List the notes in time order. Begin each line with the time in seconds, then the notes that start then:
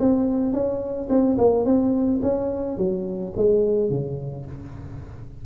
0.00 C4
0.53 C#4
1.10 C4
1.38 A#3
1.65 C4
2.23 C#4
2.78 F#3
3.37 G#3
3.90 C#3